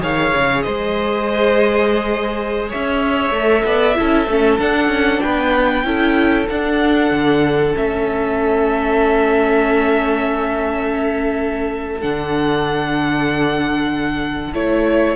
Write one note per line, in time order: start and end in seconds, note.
0.00 0.33 D#3
0.00 3.32 G#4
0.00 0.64 C#5
0.00 0.62 F5
0.34 0.66 C#3
0.62 2.72 G#3
0.62 2.69 C5
0.62 2.67 D#5
2.69 3.30 C#4
2.69 3.64 C#5
2.69 4.59 E5
3.30 3.62 A3
3.30 3.95 A4
3.65 3.96 B3
3.65 3.97 D5
3.95 4.27 C#4
3.95 4.26 E4
3.95 5.22 A4
4.27 4.58 A3
4.27 4.59 C#4
4.59 4.87 D4
4.59 5.84 D4
4.59 5.21 F#5
4.87 5.19 C#4
5.21 5.84 B3
5.21 5.85 B4
5.21 6.47 G5
5.84 6.47 C#4
5.84 6.47 E4
5.84 15.16 A4
6.49 7.11 D4
6.49 7.74 D4
6.49 7.75 F#5
7.11 7.74 D3
7.74 12.03 A3
7.74 12.00 C#4
7.74 12.01 E5
12.01 14.53 D3
12.01 14.53 D4
12.01 14.53 F#5
14.53 15.16 A3
14.53 15.16 E4
14.53 15.16 C#5